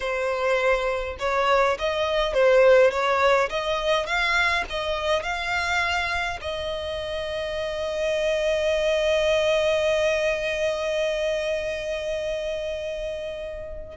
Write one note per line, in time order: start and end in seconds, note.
0.00 1.17 C5
1.19 1.77 C#5
1.78 2.33 D#5
2.33 2.90 C5
2.90 3.49 C#5
3.49 4.06 D#5
4.06 4.64 F5
4.69 5.23 D#5
5.23 6.39 F5
6.41 13.96 D#5